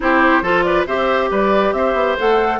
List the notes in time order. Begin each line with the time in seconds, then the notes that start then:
0.00 C4 E4 G4 C5
0.41 F3 F4 A4
0.62 B4 D5
0.86 C4 G4 C5 E5
1.30 G3 B4 D5
1.72 C4 C5 E5
1.93 B3
2.19 A3 A4 F#5